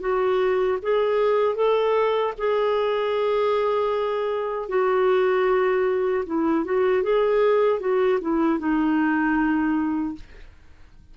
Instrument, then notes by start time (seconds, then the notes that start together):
clarinet
0.00 F#4
0.82 G#4
1.55 A4
2.38 G#4
4.68 F#4
6.26 E4
6.64 F#4
7.03 G#4
7.80 F#4
8.21 E4
8.59 D#4